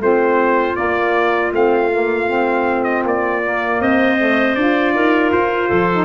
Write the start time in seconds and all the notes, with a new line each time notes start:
0.00 A3 C4 F4 C5
0.76 A#3 D5
1.53 A3 C4 F5
1.92 A#3
2.28 C4
2.84 D#5
3.05 A#3 D5
3.44 A#3
3.81 C4 C5 D#5
4.18 A3
4.55 D4 F4 D5
4.94 D#4 A#4
5.32 F4 C5
5.69 F3 A4
5.92 D#4